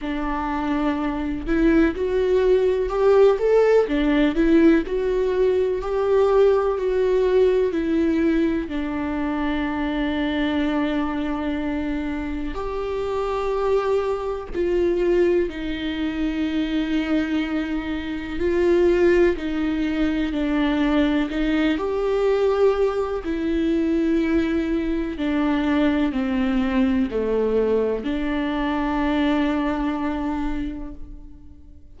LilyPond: \new Staff \with { instrumentName = "viola" } { \time 4/4 \tempo 4 = 62 d'4. e'8 fis'4 g'8 a'8 | d'8 e'8 fis'4 g'4 fis'4 | e'4 d'2.~ | d'4 g'2 f'4 |
dis'2. f'4 | dis'4 d'4 dis'8 g'4. | e'2 d'4 c'4 | a4 d'2. | }